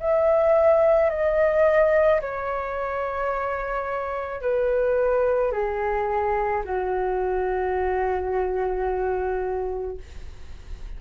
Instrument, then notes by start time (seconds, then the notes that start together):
flute
0.00 E5
1.10 D#5
2.22 C#5
4.42 B4
5.52 G#4
6.65 F#4